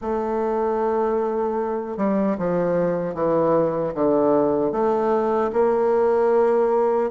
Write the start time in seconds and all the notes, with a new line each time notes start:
0.01 A3
1.97 G3
2.38 F3
3.14 E3
3.94 D3
4.72 A3
5.53 A#3